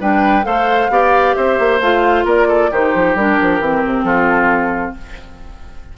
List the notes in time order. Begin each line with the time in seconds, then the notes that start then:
0.00 G3 D4 B4 G5
0.43 A3 A4 C5 F5
0.89 B3 G4 D5
1.34 C4 C5 E5
1.59 A#3
1.80 A3 F4 F5
2.25 A#3 A#4 D5
2.48 A4
2.71 D#3 D#4 G4 C5
2.94 F3
3.15 G3 D4 A#4
3.41 F3
3.60 E3 C4
3.86 C3
4.03 F3 F4 A4